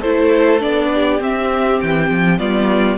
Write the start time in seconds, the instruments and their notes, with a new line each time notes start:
0.00 cello A3, viola E4, violin A4 C5
0.60 cello B3, viola D4, violin D5
0.94 violin G4
1.21 cello C4, viola C4, violin E5
1.81 cello E3, violin G5
2.11 cello F3
2.39 cello G3, viola B3, violin F4 D5